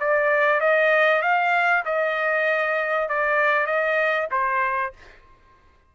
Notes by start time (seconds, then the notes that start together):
0.00 D5
0.61 D#5
1.22 F5
1.85 D#5
3.09 D5
3.66 D#5
4.31 C5